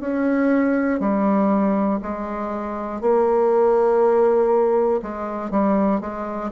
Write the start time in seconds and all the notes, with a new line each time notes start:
0.00 C#4
1.00 G3
2.02 G#3
3.01 A#3
5.02 G#3
5.51 G3
6.00 G#3